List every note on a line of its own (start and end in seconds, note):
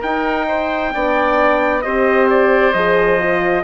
0.00 0.92 D#4
0.00 0.94 D#4
0.00 0.45 A#4
0.00 1.82 G5
0.48 0.94 C5
0.92 1.85 B3
0.92 1.83 D4
0.92 1.84 D5
1.82 2.74 C4
1.82 2.74 G4
1.82 3.64 C5
1.82 2.27 D#5
2.30 2.74 D5
2.74 3.64 F3
2.74 3.19 G#4
2.74 3.64 D#5
3.19 3.64 F4